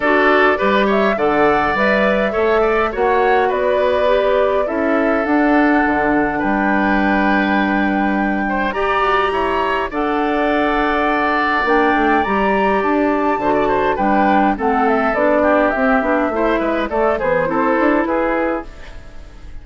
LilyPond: <<
  \new Staff \with { instrumentName = "flute" } { \time 4/4 \tempo 4 = 103 d''4. e''8 fis''4 e''4~ | e''4 fis''4 d''2 | e''4 fis''2 g''4~ | g''2. ais''4~ |
ais''4 fis''2. | g''4 ais''4 a''2 | g''4 fis''8 e''8 d''4 e''4~ | e''4 d''8 c''4. b'4 | }
  \new Staff \with { instrumentName = "oboe" } { \time 4/4 a'4 b'8 cis''8 d''2 | cis''8 d''8 cis''4 b'2 | a'2. b'4~ | b'2~ b'8 c''8 d''4 |
cis''4 d''2.~ | d''2. c''16 d''16 c''8 | b'4 a'4. g'4. | c''8 b'8 a'8 gis'8 a'4 gis'4 | }
  \new Staff \with { instrumentName = "clarinet" } { \time 4/4 fis'4 g'4 a'4 b'4 | a'4 fis'2 g'4 | e'4 d'2.~ | d'2. g'4~ |
g'4 a'2. | d'4 g'2 fis'4 | d'4 c'4 d'4 c'8 d'8 | e'4 a8 e8 e'2 | }
  \new Staff \with { instrumentName = "bassoon" } { \time 4/4 d'4 g4 d4 g4 | a4 ais4 b2 | cis'4 d'4 d4 g4~ | g2. g'8 fis'8 |
e'4 d'2. | ais8 a8 g4 d'4 d4 | g4 a4 b4 c'8 b8 | a8 gis8 a8 b8 c'8 d'8 e'4 | }
>>